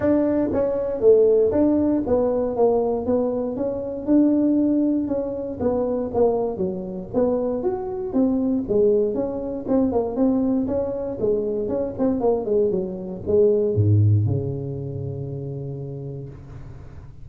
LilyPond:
\new Staff \with { instrumentName = "tuba" } { \time 4/4 \tempo 4 = 118 d'4 cis'4 a4 d'4 | b4 ais4 b4 cis'4 | d'2 cis'4 b4 | ais4 fis4 b4 fis'4 |
c'4 gis4 cis'4 c'8 ais8 | c'4 cis'4 gis4 cis'8 c'8 | ais8 gis8 fis4 gis4 gis,4 | cis1 | }